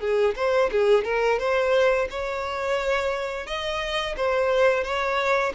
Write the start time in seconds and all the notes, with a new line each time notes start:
0.00 G#4
0.36 C5
0.71 G#4
1.04 A#4
1.39 C5
2.10 C#5
3.47 D#5
4.17 C5
4.84 C#5